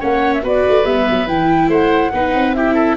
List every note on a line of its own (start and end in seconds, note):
0.00 0.43 A#3
0.00 0.42 C#4
0.00 0.42 C#5
0.00 0.34 F#5
0.34 0.44 E5
0.42 0.64 B3
0.42 0.85 F#4
0.42 1.69 B4
0.42 0.85 D5
0.69 0.84 A3
0.84 1.05 G3
0.84 1.27 B3
0.84 1.27 E5
1.10 1.29 F#3
1.27 1.68 E3
1.27 2.12 E4
1.27 1.70 G5
1.68 2.10 A3
1.68 2.11 C5
1.68 2.54 F#5
2.13 2.34 B3
2.13 2.56 D#4
2.13 2.56 B4
2.34 2.97 C4
2.54 2.97 E4
2.54 2.74 G4
2.54 2.96 E5
2.74 2.95 A4